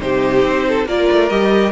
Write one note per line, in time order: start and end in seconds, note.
0.00 0.43 C3
0.00 0.86 D#4
0.00 0.67 G4
0.00 0.87 C5
0.43 0.86 C4
0.68 0.88 A4
0.86 1.07 A#3
0.86 1.30 F4
0.86 1.71 A#4
0.86 1.29 D5
1.12 1.30 A3
1.29 1.71 G3
1.29 1.71 G4
1.29 1.71 D#5